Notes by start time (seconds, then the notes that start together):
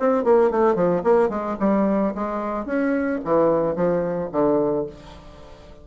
0.00 C4
0.24 A#3
0.51 A3
0.75 F3
1.04 A#3
1.30 G#3
1.60 G3
2.15 G#3
2.66 C#4
3.25 E3
3.76 F3
4.32 D3